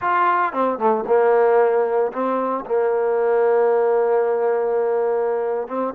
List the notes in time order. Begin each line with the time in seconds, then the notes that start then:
0.01 F4
0.53 C4
0.78 A3
1.06 A#3
2.12 C4
2.65 A#3
5.67 C4